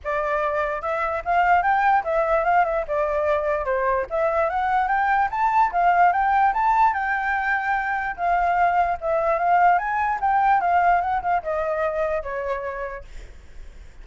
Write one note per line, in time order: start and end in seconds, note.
0.04 0.81 D5
0.81 1.22 E5
1.24 1.62 F5
1.62 2.03 G5
2.04 2.44 E5
2.44 2.64 F5
2.65 2.85 E5
2.87 3.65 D5
3.65 4.06 C5
4.10 4.49 E5
4.49 4.88 F#5
4.88 5.28 G5
5.30 5.71 A5
5.71 6.12 F5
6.12 6.53 G5
6.53 6.93 A5
6.93 8.16 G5
8.16 8.97 F5
9.00 9.39 E5
9.39 9.78 F5
9.78 10.19 G#5
10.20 10.60 G5
10.60 11.01 F5
11.01 11.21 F#5
11.22 11.42 F5
11.42 12.22 D#5
12.22 13.04 C#5